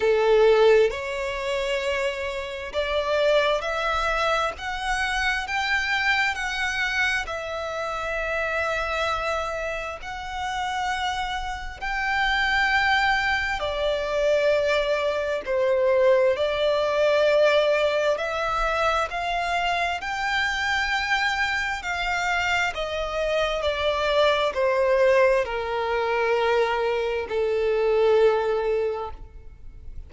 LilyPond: \new Staff \with { instrumentName = "violin" } { \time 4/4 \tempo 4 = 66 a'4 cis''2 d''4 | e''4 fis''4 g''4 fis''4 | e''2. fis''4~ | fis''4 g''2 d''4~ |
d''4 c''4 d''2 | e''4 f''4 g''2 | f''4 dis''4 d''4 c''4 | ais'2 a'2 | }